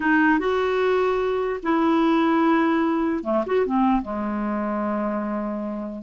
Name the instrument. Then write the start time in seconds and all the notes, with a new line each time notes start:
clarinet
0.00 D#4
0.39 F#4
1.62 E4
3.23 A3
3.46 F#4
3.66 C4
4.02 G#3